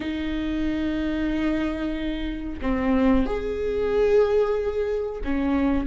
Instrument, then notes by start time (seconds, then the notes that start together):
viola
0.00 D#4
2.61 C4
3.26 G#4
5.24 C#4